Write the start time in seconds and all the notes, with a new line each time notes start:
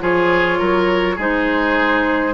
0.00 F3 F4 G#4 C#5
0.59 F#3 A#4
1.16 G#3 D#4 G#4 C5